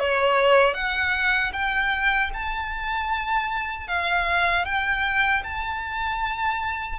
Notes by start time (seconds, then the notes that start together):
0.00 C#5
0.74 F#5
1.53 G5
2.34 A5
3.88 F5
4.65 G5
5.44 A5